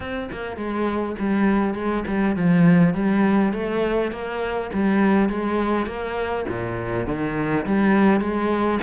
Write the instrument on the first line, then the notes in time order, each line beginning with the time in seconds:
cello
0.00 C4
0.31 A#3
0.56 G#3
1.19 G3
1.74 G#3
2.07 G3
2.36 F3
2.94 G3
3.52 A3
4.11 A#3
4.73 G3
5.29 G#3
5.86 A#3
6.48 A#2
7.06 D#3
7.66 G3
8.20 G#3